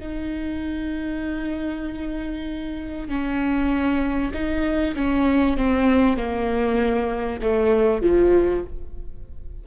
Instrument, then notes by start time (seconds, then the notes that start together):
viola
0.00 D#4
3.09 C#4
4.34 D#4
4.96 C#4
5.58 C4
6.17 A#3
7.42 A3
8.02 F3